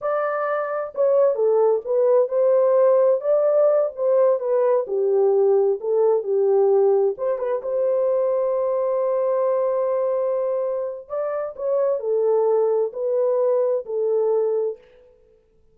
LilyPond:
\new Staff \with { instrumentName = "horn" } { \time 4/4 \tempo 4 = 130 d''2 cis''4 a'4 | b'4 c''2 d''4~ | d''8 c''4 b'4 g'4.~ | g'8 a'4 g'2 c''8 |
b'8 c''2.~ c''8~ | c''1 | d''4 cis''4 a'2 | b'2 a'2 | }